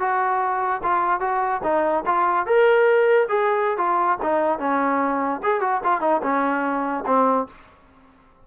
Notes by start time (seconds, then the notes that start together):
0.00 F#4
0.83 F4
1.20 F#4
1.64 D#4
2.06 F4
2.46 A#4
3.29 G#4
3.78 F4
4.22 D#4
4.59 C#4
5.43 G#4
5.61 F#4
5.84 F4
6.01 D#4
6.23 C#4
7.07 C4